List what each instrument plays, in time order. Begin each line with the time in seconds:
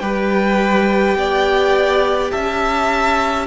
0.00 cello G3, viola G4, violin B4 G5
1.16 cello B3, violin D5
2.32 cello C#4, violin E5 A5